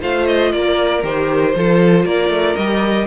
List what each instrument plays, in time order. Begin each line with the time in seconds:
0.00 cello A3, viola F4, violin C5 F5
0.26 violin D#5
0.52 cello A#3, violin A#4 D5
1.03 cello D#3, viola G4, violin C5
1.55 cello F3, viola F4, violin A4
2.05 cello A#3, violin A#4 D5
2.29 cello A3
2.56 cello G3, viola G4, violin D#5